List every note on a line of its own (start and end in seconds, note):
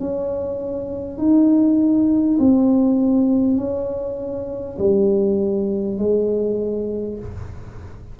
0.00 1.18 C#4
1.18 2.38 D#4
2.38 3.57 C4
3.57 4.77 C#4
4.78 5.98 G3
5.98 7.18 G#3